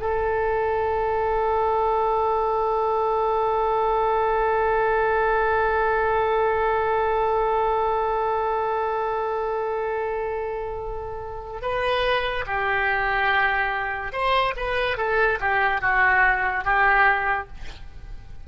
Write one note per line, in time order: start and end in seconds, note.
0.00 11.62 A4
11.62 12.45 B4
12.47 14.12 G4
14.12 14.54 C5
14.57 14.97 B4
14.97 15.39 A4
15.41 15.81 G4
15.81 16.65 F#4
16.65 17.48 G4